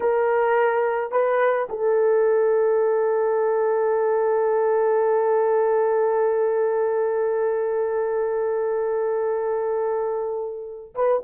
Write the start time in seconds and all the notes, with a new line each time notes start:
0.00 A#4
1.11 B4
1.69 A4
10.94 B4